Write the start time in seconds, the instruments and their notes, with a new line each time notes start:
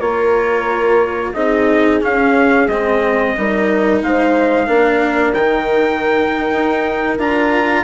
0.00 bassoon A#3, cello F4, horn A#4, trumpet C#5
1.34 bassoon C4, cello D#4, horn G#4, trumpet D#5
2.01 cello C#4, bassoon C#4, trumpet F5
2.67 bassoon G#3, cello C4, trumpet D#5
3.37 bassoon G3, cello D#4, horn A#4
4.02 bassoon G#3, horn C5, trumpet F5
4.67 bassoon A#3, cello D4, horn A#4
5.34 bassoon D#3, cello D#4, trumpet G5
6.52 bassoon D#4
7.18 bassoon D4, cello F4, trumpet A#5